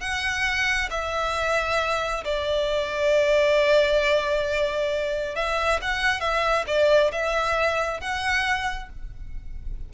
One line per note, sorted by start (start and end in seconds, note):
0.00 0.89 F#5
0.90 2.24 E5
2.24 5.35 D5
5.35 5.80 E5
5.81 6.20 F#5
6.20 6.65 E5
6.66 7.11 D5
7.12 8.00 E5
8.00 8.89 F#5